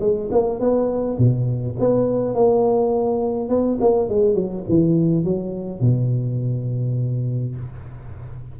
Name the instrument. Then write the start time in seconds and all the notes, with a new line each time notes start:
tuba
0.00 G#3
0.31 A#3
0.60 B3
1.18 B2
1.79 B3
2.34 A#3
3.49 B3
3.80 A#3
4.09 G#3
4.34 F#3
4.68 E3
5.24 F#3
5.81 B2